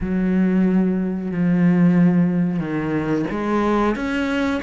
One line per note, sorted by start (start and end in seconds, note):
0.00 1.31 F#3
1.31 2.59 F3
2.59 3.25 D#3
3.30 3.95 G#3
3.95 4.61 C#4